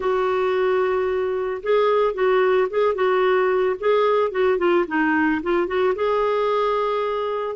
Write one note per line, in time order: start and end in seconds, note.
0.00 1.62 F#4
1.62 2.14 G#4
2.14 2.68 F#4
2.70 2.94 G#4
2.94 3.75 F#4
3.79 4.31 G#4
4.31 4.58 F#4
4.58 4.85 F4
4.87 5.41 D#4
5.43 5.67 F4
5.67 5.94 F#4
5.95 7.56 G#4